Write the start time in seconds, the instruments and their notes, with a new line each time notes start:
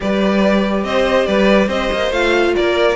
0.00 cello G3, viola G4, violin B4 D5
0.83 cello C4, violin C5 D#5
1.26 cello G3, violin B4 D5
1.68 cello C4, violin C5 D#5
1.91 cello A#3
2.11 cello A3, viola F4, violin F5
2.56 cello A#3, violin A#4 D5